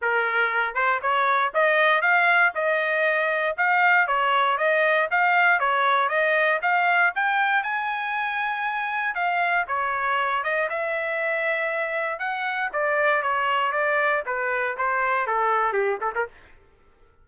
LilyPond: \new Staff \with { instrumentName = "trumpet" } { \time 4/4 \tempo 4 = 118 ais'4. c''8 cis''4 dis''4 | f''4 dis''2 f''4 | cis''4 dis''4 f''4 cis''4 | dis''4 f''4 g''4 gis''4~ |
gis''2 f''4 cis''4~ | cis''8 dis''8 e''2. | fis''4 d''4 cis''4 d''4 | b'4 c''4 a'4 g'8 a'16 ais'16 | }